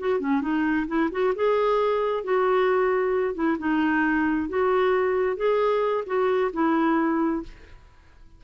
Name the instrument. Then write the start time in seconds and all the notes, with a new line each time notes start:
clarinet
0.00 F#4
0.20 C#4
0.42 D#4
0.88 E4
1.12 F#4
1.36 G#4
2.24 F#4
3.35 E4
3.59 D#4
4.49 F#4
5.37 G#4
6.07 F#4
6.54 E4